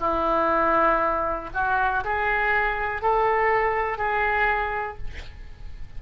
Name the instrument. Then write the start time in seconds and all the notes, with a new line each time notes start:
oboe
0.00 E4
1.54 F#4
2.04 G#4
3.02 A4
3.98 G#4